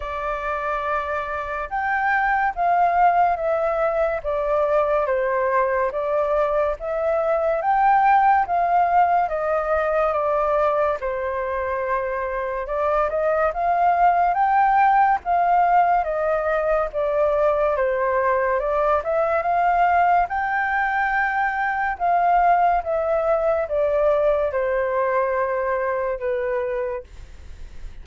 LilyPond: \new Staff \with { instrumentName = "flute" } { \time 4/4 \tempo 4 = 71 d''2 g''4 f''4 | e''4 d''4 c''4 d''4 | e''4 g''4 f''4 dis''4 | d''4 c''2 d''8 dis''8 |
f''4 g''4 f''4 dis''4 | d''4 c''4 d''8 e''8 f''4 | g''2 f''4 e''4 | d''4 c''2 b'4 | }